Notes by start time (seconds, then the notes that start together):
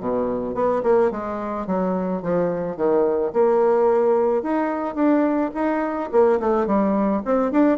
0.00 B2
0.55 B3
0.83 A#3
1.11 G#3
1.67 F#3
2.22 F3
2.77 D#3
3.33 A#3
4.43 D#4
4.95 D4
5.55 D#4
6.12 A#3
6.40 A3
6.67 G3
7.25 C4
7.52 D4